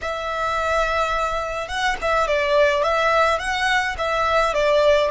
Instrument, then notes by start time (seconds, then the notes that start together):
violin
0.01 E5
1.67 F#5
2.01 E5
2.27 D5
2.83 E5
3.38 F#5
3.98 E5
4.54 D5